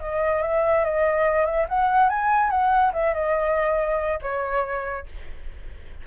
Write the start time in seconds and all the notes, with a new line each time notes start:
0.00 D#5
0.42 E5
0.85 D#5
1.46 E5
1.69 F#5
2.10 G#5
2.50 F#5
2.93 E5
3.14 D#5
4.22 C#5